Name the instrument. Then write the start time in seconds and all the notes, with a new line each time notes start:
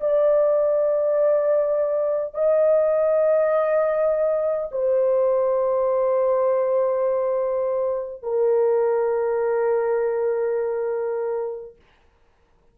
horn
0.00 D5
2.34 D#5
4.71 C5
8.22 A#4